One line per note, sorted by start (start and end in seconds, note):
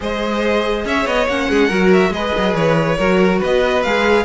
0.00 0.84 G#3
0.00 1.26 G#4
0.00 0.85 C5
0.00 0.87 D#5
0.84 1.06 C#4
0.84 1.48 C#5
0.84 1.06 E5
1.06 1.27 B3
1.06 1.27 D#5
1.27 1.49 A#3
1.27 1.69 C#4
1.27 1.91 F#5
1.48 1.70 G#3
1.48 1.67 G#4
1.67 2.09 F#3
1.67 2.12 F#4
1.67 2.10 A#4
1.93 2.12 E5
2.09 2.30 G#3
2.09 2.97 G#4
2.09 2.97 B4
2.09 2.54 D#5
2.37 2.54 F#3
2.54 2.97 E3
2.54 3.40 C#5
2.97 3.41 F#3
2.97 3.84 F#4
2.97 3.38 A#4
3.38 3.84 B3
3.38 4.23 B4
3.38 3.83 D#5
3.83 4.24 G#3
3.83 4.24 G#4
3.83 4.24 F5